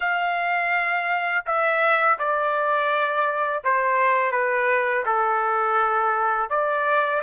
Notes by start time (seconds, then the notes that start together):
0.00 F5
1.46 E5
2.19 D5
3.63 C5
4.31 B4
5.05 A4
6.49 D5